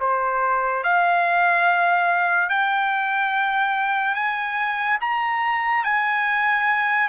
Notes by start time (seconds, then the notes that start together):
0.00 C5
0.83 F5
2.49 G5
4.15 G#5
5.01 A#5
5.84 G#5